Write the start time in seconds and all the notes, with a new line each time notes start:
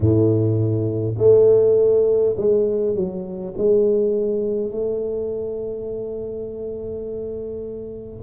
0.00 A2
1.18 A3
2.37 G#3
2.95 F#3
3.57 G#3
4.71 A3